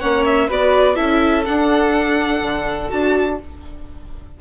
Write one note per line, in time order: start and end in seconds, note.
0.00 0.50 A#3
0.00 0.50 C#4
0.00 0.48 C#5
0.00 0.24 F#5
0.26 0.50 E5
0.48 0.98 B3
0.48 0.96 F#4
0.48 0.96 B4
0.48 0.96 D5
0.96 1.47 C#4
0.96 1.44 E4
0.96 3.37 A4
0.96 1.44 E5
1.46 2.90 D4
1.46 2.42 D4
1.46 2.91 F#5
2.42 2.90 D3
2.90 3.41 D4
2.90 3.38 F#4
2.90 3.39 A5